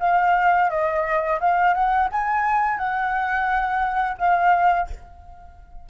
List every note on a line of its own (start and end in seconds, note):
0.00 0.70 F5
0.70 1.40 D#5
1.40 1.74 F5
1.74 2.09 F#5
2.12 2.78 G#5
2.78 4.17 F#5
4.18 4.88 F5